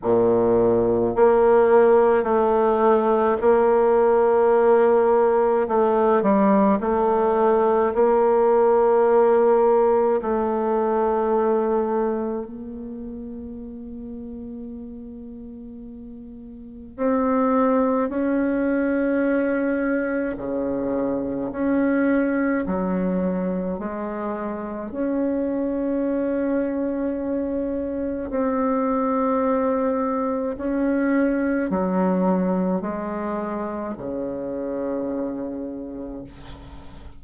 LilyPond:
\new Staff \with { instrumentName = "bassoon" } { \time 4/4 \tempo 4 = 53 ais,4 ais4 a4 ais4~ | ais4 a8 g8 a4 ais4~ | ais4 a2 ais4~ | ais2. c'4 |
cis'2 cis4 cis'4 | fis4 gis4 cis'2~ | cis'4 c'2 cis'4 | fis4 gis4 cis2 | }